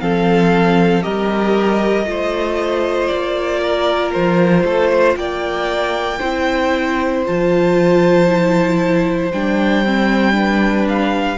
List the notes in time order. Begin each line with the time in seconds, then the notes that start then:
0.00 F3 C4 A4 F5
1.02 G3 G4 A#4 D#5
2.06 A3 F4 C5
3.08 A#3 D5
3.61 A#4
4.13 F3 C5
4.64 A3 A4
4.93 C5
5.16 A#3 D5 G5
6.19 C4 E4 C5
7.26 F3 F4 A5
8.28 E4
9.32 G3 D4 G5
9.85 C4
10.33 D4 B4
10.89 F5